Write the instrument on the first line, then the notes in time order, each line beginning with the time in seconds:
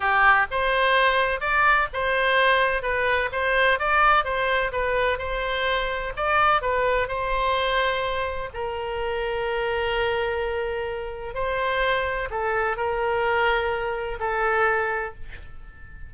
oboe
0.00 G4
0.51 C5
1.40 D5
1.93 C5
2.82 B4
3.32 C5
3.79 D5
4.24 C5
4.72 B4
5.18 C5
6.16 D5
6.61 B4
7.07 C5
8.53 A#4
11.34 C5
12.30 A4
12.76 A#4
14.19 A4